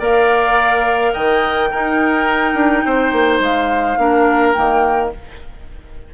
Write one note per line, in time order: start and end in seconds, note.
0.00 1.13 A#3
0.00 1.70 A#4
0.00 1.13 D5
0.00 1.14 F5
1.13 1.73 D#3
1.13 1.70 D#5
1.13 3.40 G5
1.71 2.55 D#4
1.71 3.99 D#4
1.71 2.85 A#4
2.55 2.83 D4
2.86 3.13 C4
2.86 3.99 C5
3.13 3.40 A#3
3.40 3.97 G#3
3.40 4.53 F5
3.98 4.54 A#3
3.98 4.55 D4
3.98 5.14 A#4
4.53 5.14 D#3
4.53 5.12 A#3
4.53 5.09 G5